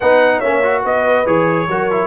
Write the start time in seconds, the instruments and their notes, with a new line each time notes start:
0.00 tuba B3, trombone D#4, horn B4, trumpet F#5
0.38 tuba A#3, horn C#5, trumpet E5
0.44 trombone C#4
0.62 trombone F#4
0.84 tuba B3, horn B4, trumpet D#5
1.25 tuba E3, trombone G#4, trumpet C#5
1.68 tuba F#3, trombone F#4, horn A#4
1.91 trombone E4